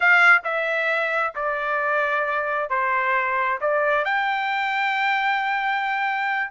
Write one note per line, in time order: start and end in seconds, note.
0.00 0.41 F5
0.44 1.33 E5
1.35 2.69 D5
2.69 3.59 C5
3.60 4.04 D5
4.04 6.50 G5